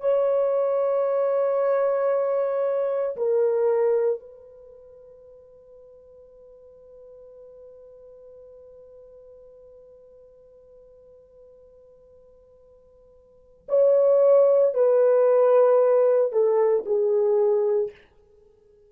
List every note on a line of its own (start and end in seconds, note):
0.00 3.16 C#5
3.16 4.20 A#4
4.20 13.67 B4
13.68 14.74 C#5
14.74 16.32 B4
16.32 16.84 A4
16.86 17.91 G#4